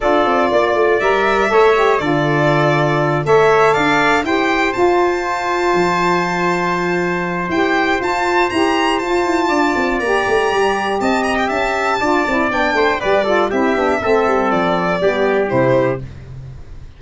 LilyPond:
<<
  \new Staff \with { instrumentName = "violin" } { \time 4/4 \tempo 4 = 120 d''2 e''2 | d''2~ d''8 e''4 f''8~ | f''8 g''4 a''2~ a''8~ | a''2. g''4 |
a''4 ais''4 a''2 | ais''2 a''8 ais''16 g''16 a''4~ | a''4 g''4 d''4 e''4~ | e''4 d''2 c''4 | }
  \new Staff \with { instrumentName = "trumpet" } { \time 4/4 a'4 d''2 cis''4 | a'2~ a'8 cis''4 d''8~ | d''8 c''2.~ c''8~ | c''1~ |
c''2. d''4~ | d''2 dis''4 e''4 | d''4. c''8 b'8 a'8 g'4 | a'2 g'2 | }
  \new Staff \with { instrumentName = "saxophone" } { \time 4/4 f'2 ais'4 a'8 g'8 | f'2~ f'8 a'4.~ | a'8 g'4 f'2~ f'8~ | f'2. g'4 |
f'4 g'4 f'2 | g'1 | f'8 e'8 d'4 g'8 f'8 e'8 d'8 | c'2 b4 e'4 | }
  \new Staff \with { instrumentName = "tuba" } { \time 4/4 d'8 c'8 ais8 a8 g4 a4 | d2~ d8 a4 d'8~ | d'8 e'4 f'2 f8~ | f2. e'4 |
f'4 e'4 f'8 e'8 d'8 c'8 | ais8 a8 g4 c'4 cis'4 | d'8 c'8 b8 a8 g4 c'8 b8 | a8 g8 f4 g4 c4 | }
>>